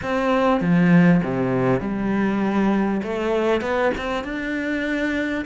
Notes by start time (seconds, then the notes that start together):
0.02 C4
0.60 F3
1.23 C3
1.80 G3
3.02 A3
3.61 B3
3.97 C4
4.23 D4